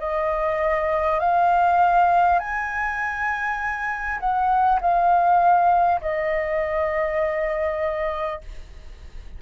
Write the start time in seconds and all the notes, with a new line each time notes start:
0.00 D#5
1.20 F5
2.39 G#5
4.19 F#5
4.81 F5
6.01 D#5